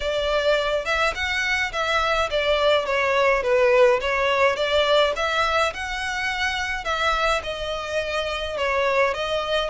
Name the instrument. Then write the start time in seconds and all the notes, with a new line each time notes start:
violin
0.00 D5
0.85 E5
1.14 F#5
1.72 E5
2.30 D5
2.85 C#5
3.42 B4
4.00 C#5
4.56 D5
5.16 E5
5.73 F#5
6.84 E5
7.43 D#5
8.57 C#5
9.14 D#5